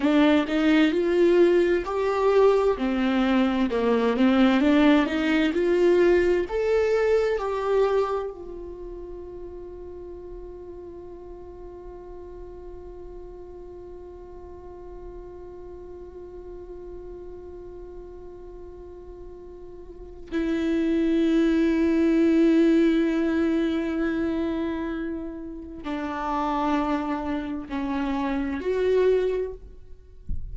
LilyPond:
\new Staff \with { instrumentName = "viola" } { \time 4/4 \tempo 4 = 65 d'8 dis'8 f'4 g'4 c'4 | ais8 c'8 d'8 dis'8 f'4 a'4 | g'4 f'2.~ | f'1~ |
f'1~ | f'2 e'2~ | e'1 | d'2 cis'4 fis'4 | }